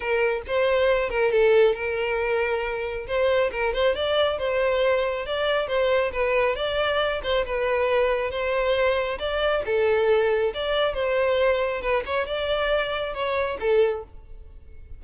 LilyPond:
\new Staff \with { instrumentName = "violin" } { \time 4/4 \tempo 4 = 137 ais'4 c''4. ais'8 a'4 | ais'2. c''4 | ais'8 c''8 d''4 c''2 | d''4 c''4 b'4 d''4~ |
d''8 c''8 b'2 c''4~ | c''4 d''4 a'2 | d''4 c''2 b'8 cis''8 | d''2 cis''4 a'4 | }